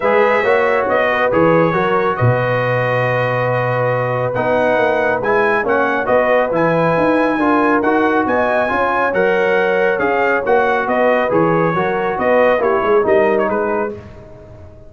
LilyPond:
<<
  \new Staff \with { instrumentName = "trumpet" } { \time 4/4 \tempo 4 = 138 e''2 dis''4 cis''4~ | cis''4 dis''2.~ | dis''2 fis''2 | gis''4 fis''4 dis''4 gis''4~ |
gis''2 fis''4 gis''4~ | gis''4 fis''2 f''4 | fis''4 dis''4 cis''2 | dis''4 cis''4 dis''8. cis''16 b'4 | }
  \new Staff \with { instrumentName = "horn" } { \time 4/4 b'4 cis''4. b'4. | ais'4 b'2.~ | b'1~ | b'4 cis''4 b'2~ |
b'4 ais'2 dis''4 | cis''1~ | cis''4 b'2 ais'4 | b'4 g'8 gis'8 ais'4 gis'4 | }
  \new Staff \with { instrumentName = "trombone" } { \time 4/4 gis'4 fis'2 gis'4 | fis'1~ | fis'2 dis'2 | e'4 cis'4 fis'4 e'4~ |
e'4 f'4 fis'2 | f'4 ais'2 gis'4 | fis'2 gis'4 fis'4~ | fis'4 e'4 dis'2 | }
  \new Staff \with { instrumentName = "tuba" } { \time 4/4 gis4 ais4 b4 e4 | fis4 b,2.~ | b,2 b4 ais4 | gis4 ais4 b4 e4 |
dis'4 d'4 dis'4 b4 | cis'4 fis2 cis'4 | ais4 b4 e4 fis4 | b4 ais8 gis8 g4 gis4 | }
>>